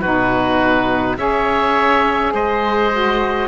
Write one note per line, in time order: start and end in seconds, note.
0.00 1.18 B2
0.00 1.18 D#4
0.00 1.15 F#4
0.00 1.17 B4
1.17 2.32 C#4
1.17 2.91 G#4
1.17 2.33 C#5
1.17 2.33 E5
2.32 3.48 G#3
2.32 3.48 C5
2.32 3.48 D#5
2.92 3.48 F#4